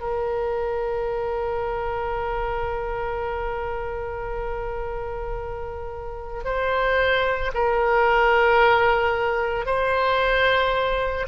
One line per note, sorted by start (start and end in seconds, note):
0.00 6.43 A#4
6.44 7.51 C5
7.54 9.66 A#4
9.66 11.26 C5